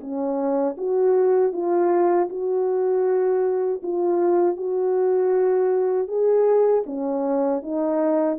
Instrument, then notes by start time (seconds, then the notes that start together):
horn
0.00 C#4
0.77 F#4
1.52 F4
2.29 F#4
3.82 F4
4.56 F#4
6.08 G#4
6.86 C#4
7.62 D#4